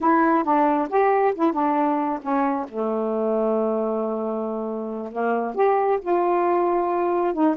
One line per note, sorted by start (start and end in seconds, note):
0.01 0.44 E4
0.44 0.88 D4
0.89 1.33 G4
1.35 1.53 E4
1.53 2.19 D4
2.22 2.66 C#4
2.68 5.12 A3
5.12 5.55 A#3
5.55 5.99 G4
6.01 7.33 F4
7.33 7.55 D#4